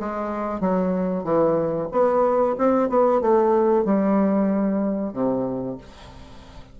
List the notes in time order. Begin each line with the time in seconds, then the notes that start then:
0.00 G#3
0.61 F#3
1.24 E3
1.92 B3
2.58 C4
2.89 B3
3.21 A3
3.85 G3
5.13 C3